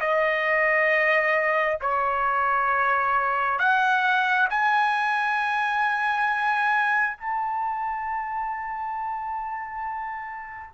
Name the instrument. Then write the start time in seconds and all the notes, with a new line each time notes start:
trumpet
0.00 D#5
1.81 C#5
3.59 F#5
4.50 G#5
7.18 A5